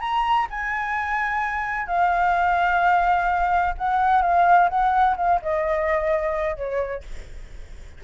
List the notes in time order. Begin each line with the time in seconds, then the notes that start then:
0.00 A#5
0.50 G#5
1.87 F5
3.78 F#5
4.22 F5
4.69 F#5
5.16 F5
5.42 D#5
6.56 C#5